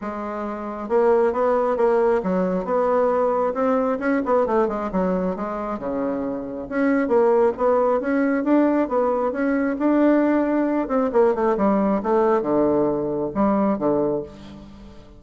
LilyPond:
\new Staff \with { instrumentName = "bassoon" } { \time 4/4 \tempo 4 = 135 gis2 ais4 b4 | ais4 fis4 b2 | c'4 cis'8 b8 a8 gis8 fis4 | gis4 cis2 cis'4 |
ais4 b4 cis'4 d'4 | b4 cis'4 d'2~ | d'8 c'8 ais8 a8 g4 a4 | d2 g4 d4 | }